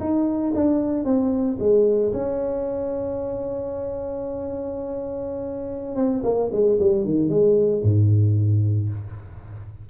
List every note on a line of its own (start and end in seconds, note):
0.00 0.53 D#4
0.55 1.05 D4
1.05 1.58 C4
1.60 2.13 G#3
2.13 5.96 C#4
5.96 6.22 C4
6.24 6.50 A#3
6.52 6.79 G#3
6.80 7.04 G3
7.04 7.29 D#3
7.29 7.82 G#3
7.83 8.89 G#2